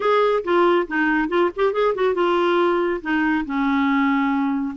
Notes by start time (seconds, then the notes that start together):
0.00 G#4
0.44 F4
0.87 D#4
1.28 F4
1.56 G4
1.72 G#4
1.94 F#4
2.14 F4
3.01 D#4
3.45 C#4